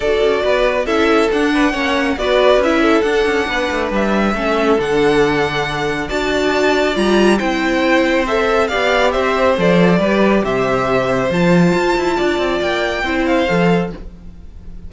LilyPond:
<<
  \new Staff \with { instrumentName = "violin" } { \time 4/4 \tempo 4 = 138 d''2 e''4 fis''4~ | fis''4 d''4 e''4 fis''4~ | fis''4 e''2 fis''4~ | fis''2 a''2 |
ais''4 g''2 e''4 | f''4 e''4 d''2 | e''2 a''2~ | a''4 g''4. f''4. | }
  \new Staff \with { instrumentName = "violin" } { \time 4/4 a'4 b'4 a'4. b'8 | cis''4 b'4. a'4. | b'2 a'2~ | a'2 d''2~ |
d''4 c''2. | d''4 c''2 b'4 | c''1 | d''2 c''2 | }
  \new Staff \with { instrumentName = "viola" } { \time 4/4 fis'2 e'4 d'4 | cis'4 fis'4 e'4 d'4~ | d'2 cis'4 d'4~ | d'2 fis'2 |
f'4 e'2 a'4 | g'2 a'4 g'4~ | g'2 f'2~ | f'2 e'4 a'4 | }
  \new Staff \with { instrumentName = "cello" } { \time 4/4 d'8 cis'8 b4 cis'4 d'4 | ais4 b4 cis'4 d'8 cis'8 | b8 a8 g4 a4 d4~ | d2 d'2 |
g4 c'2. | b4 c'4 f4 g4 | c2 f4 f'8 e'8 | d'8 c'8 ais4 c'4 f4 | }
>>